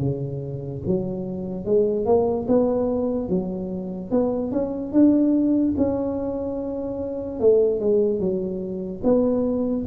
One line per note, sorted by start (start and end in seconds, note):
0.00 0.82 C#3
0.87 1.65 F#3
1.65 2.06 G#3
2.06 2.47 A#3
2.48 3.29 B3
3.29 4.11 F#3
4.11 4.52 B3
4.52 4.93 C#4
4.93 5.75 D4
5.78 7.40 C#4
7.40 7.80 A3
7.80 8.20 G#3
8.20 9.02 F#3
9.04 9.86 B3